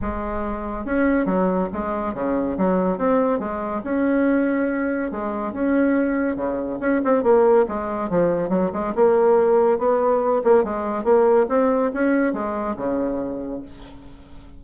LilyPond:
\new Staff \with { instrumentName = "bassoon" } { \time 4/4 \tempo 4 = 141 gis2 cis'4 fis4 | gis4 cis4 fis4 c'4 | gis4 cis'2. | gis4 cis'2 cis4 |
cis'8 c'8 ais4 gis4 f4 | fis8 gis8 ais2 b4~ | b8 ais8 gis4 ais4 c'4 | cis'4 gis4 cis2 | }